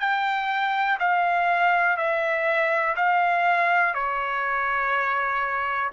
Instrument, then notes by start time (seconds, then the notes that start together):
trumpet
0.00 G5
1.00 F5
1.98 E5
2.96 F5
3.95 C#5